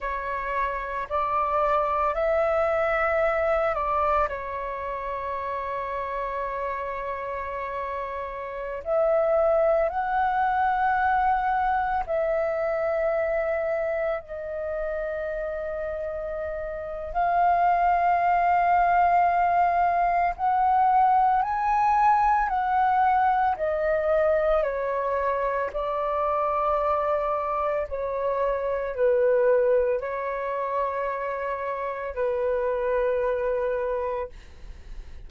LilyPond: \new Staff \with { instrumentName = "flute" } { \time 4/4 \tempo 4 = 56 cis''4 d''4 e''4. d''8 | cis''1~ | cis''16 e''4 fis''2 e''8.~ | e''4~ e''16 dis''2~ dis''8. |
f''2. fis''4 | gis''4 fis''4 dis''4 cis''4 | d''2 cis''4 b'4 | cis''2 b'2 | }